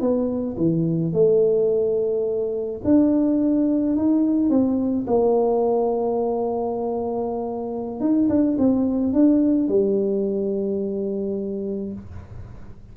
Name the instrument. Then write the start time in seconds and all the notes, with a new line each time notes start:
tuba
0.00 B3
0.57 E3
1.13 A3
2.84 D4
3.96 D#4
4.49 C4
5.07 A#3
8.00 D#4
8.29 D4
8.58 C4
9.12 D4
9.68 G3